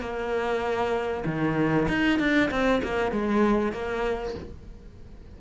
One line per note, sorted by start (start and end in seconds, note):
0.00 1.24 A#3
1.25 1.87 D#3
1.88 2.19 D#4
2.19 2.50 D4
2.51 2.81 C4
2.83 3.11 A#3
3.11 3.72 G#3
3.72 4.34 A#3